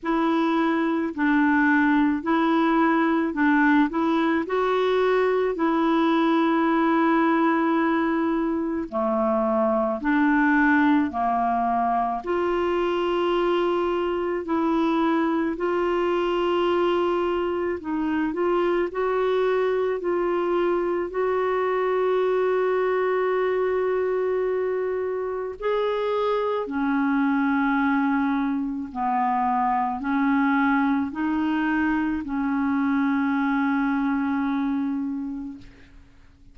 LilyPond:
\new Staff \with { instrumentName = "clarinet" } { \time 4/4 \tempo 4 = 54 e'4 d'4 e'4 d'8 e'8 | fis'4 e'2. | a4 d'4 ais4 f'4~ | f'4 e'4 f'2 |
dis'8 f'8 fis'4 f'4 fis'4~ | fis'2. gis'4 | cis'2 b4 cis'4 | dis'4 cis'2. | }